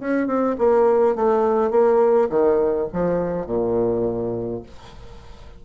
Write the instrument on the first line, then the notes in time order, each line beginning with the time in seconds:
bassoon
0.00 C#4
0.27 C4
0.59 A#3
1.16 A3
1.71 A#3
2.30 D#3
2.93 F3
3.47 A#2